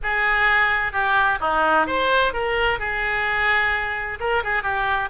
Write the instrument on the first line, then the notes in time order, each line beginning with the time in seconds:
oboe
0.02 G#4
0.92 G4
1.40 D#4
1.86 C5
2.33 A#4
2.79 G#4
4.20 A#4
4.43 G#4
4.62 G4